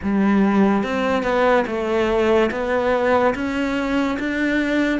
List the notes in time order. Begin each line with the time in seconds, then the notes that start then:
0.02 G3
0.83 C4
1.23 B3
1.67 A3
2.51 B3
3.34 C#4
4.19 D4